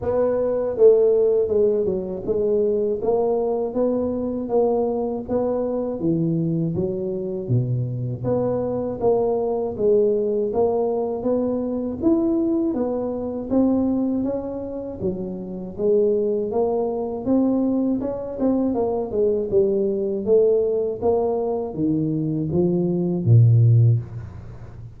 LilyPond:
\new Staff \with { instrumentName = "tuba" } { \time 4/4 \tempo 4 = 80 b4 a4 gis8 fis8 gis4 | ais4 b4 ais4 b4 | e4 fis4 b,4 b4 | ais4 gis4 ais4 b4 |
e'4 b4 c'4 cis'4 | fis4 gis4 ais4 c'4 | cis'8 c'8 ais8 gis8 g4 a4 | ais4 dis4 f4 ais,4 | }